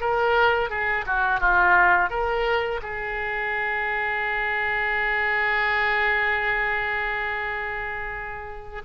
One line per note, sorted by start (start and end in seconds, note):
0.00 0.70 A#4
0.70 1.05 G#4
1.07 1.41 F#4
1.41 2.10 F4
2.10 2.80 A#4
2.82 8.82 G#4